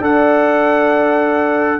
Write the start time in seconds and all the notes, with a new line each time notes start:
0.00 D4 A4 D5 F#5